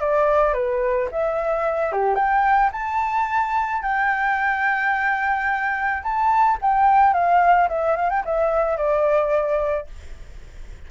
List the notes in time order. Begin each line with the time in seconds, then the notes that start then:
0.00 D5
0.53 B4
1.11 E5
1.92 G4
2.15 G5
2.72 A5
3.82 G5
6.03 A5
6.61 G5
7.13 F5
7.68 E5
7.96 F5
8.09 G5
8.25 E5
8.77 D5